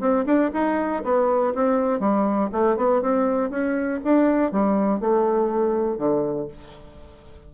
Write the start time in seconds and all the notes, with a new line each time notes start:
0.00 C4
0.26 D4
0.54 D#4
1.04 B3
1.55 C4
2.00 G3
2.52 A3
2.77 B3
3.02 C4
3.50 C#4
4.04 D4
4.52 G3
5.00 A3
5.98 D3